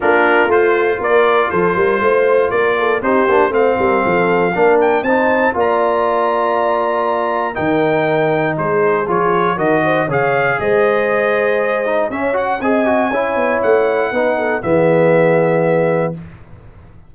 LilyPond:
<<
  \new Staff \with { instrumentName = "trumpet" } { \time 4/4 \tempo 4 = 119 ais'4 c''4 d''4 c''4~ | c''4 d''4 c''4 f''4~ | f''4. g''8 a''4 ais''4~ | ais''2. g''4~ |
g''4 c''4 cis''4 dis''4 | f''4 dis''2. | e''8 fis''8 gis''2 fis''4~ | fis''4 e''2. | }
  \new Staff \with { instrumentName = "horn" } { \time 4/4 f'2 ais'4 a'8 ais'8 | c''4 ais'8 a'8 g'4 c''8 ais'8 | a'4 ais'4 c''4 d''4~ | d''2. ais'4~ |
ais'4 gis'2 ais'8 c''8 | cis''4 c''2. | cis''4 dis''4 cis''2 | b'8 a'8 gis'2. | }
  \new Staff \with { instrumentName = "trombone" } { \time 4/4 d'4 f'2.~ | f'2 dis'8 d'8 c'4~ | c'4 d'4 dis'4 f'4~ | f'2. dis'4~ |
dis'2 f'4 fis'4 | gis'2.~ gis'8 dis'8 | cis'8 fis'8 gis'8 fis'8 e'2 | dis'4 b2. | }
  \new Staff \with { instrumentName = "tuba" } { \time 4/4 ais4 a4 ais4 f8 g8 | a4 ais4 c'8 ais8 a8 g8 | f4 ais4 c'4 ais4~ | ais2. dis4~ |
dis4 gis4 f4 dis4 | cis4 gis2. | cis'4 c'4 cis'8 b8 a4 | b4 e2. | }
>>